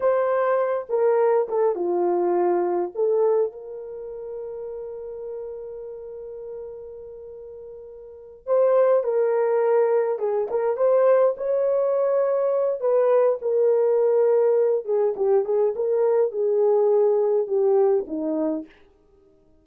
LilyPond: \new Staff \with { instrumentName = "horn" } { \time 4/4 \tempo 4 = 103 c''4. ais'4 a'8 f'4~ | f'4 a'4 ais'2~ | ais'1~ | ais'2~ ais'8 c''4 ais'8~ |
ais'4. gis'8 ais'8 c''4 cis''8~ | cis''2 b'4 ais'4~ | ais'4. gis'8 g'8 gis'8 ais'4 | gis'2 g'4 dis'4 | }